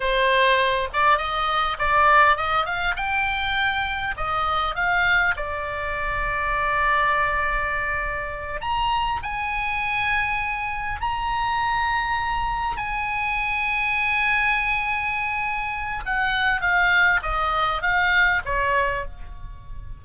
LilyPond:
\new Staff \with { instrumentName = "oboe" } { \time 4/4 \tempo 4 = 101 c''4. d''8 dis''4 d''4 | dis''8 f''8 g''2 dis''4 | f''4 d''2.~ | d''2~ d''8 ais''4 gis''8~ |
gis''2~ gis''8 ais''4.~ | ais''4. gis''2~ gis''8~ | gis''2. fis''4 | f''4 dis''4 f''4 cis''4 | }